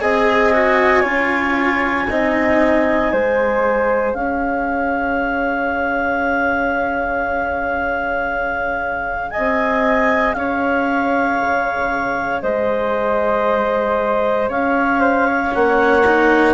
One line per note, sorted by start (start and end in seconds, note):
0.00 1.04 C4
0.00 0.53 G#4
0.00 1.01 D#5
0.00 4.13 G#5
0.53 1.02 F#4
1.01 2.08 C#4
1.01 2.06 F4
1.01 2.04 C#5
2.09 3.12 C4
2.09 3.12 D#4
2.09 3.12 D#5
3.12 4.13 G#3
3.12 15.51 G#4
3.12 4.15 C5
4.13 9.31 C#4
4.13 9.31 C#5
4.13 9.30 F5
9.30 10.35 D#5
9.30 10.33 G#5
9.37 10.34 C4
10.33 11.38 C#4
10.33 12.42 C#5
10.33 12.40 F5
11.40 12.42 C#3
12.42 14.48 G#3
12.42 14.49 C5
12.42 14.48 D#5
14.48 15.52 C#4
14.48 15.00 C#5
14.48 15.53 F5
15.00 15.26 C5
15.26 16.54 C#5
15.51 16.54 A#3
15.51 16.03 C#4
15.51 16.54 F#5
16.06 16.54 D#4